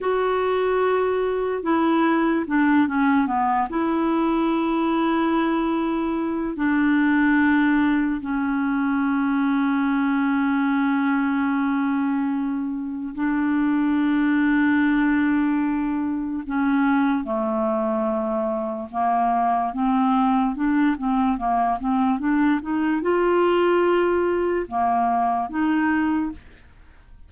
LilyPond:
\new Staff \with { instrumentName = "clarinet" } { \time 4/4 \tempo 4 = 73 fis'2 e'4 d'8 cis'8 | b8 e'2.~ e'8 | d'2 cis'2~ | cis'1 |
d'1 | cis'4 a2 ais4 | c'4 d'8 c'8 ais8 c'8 d'8 dis'8 | f'2 ais4 dis'4 | }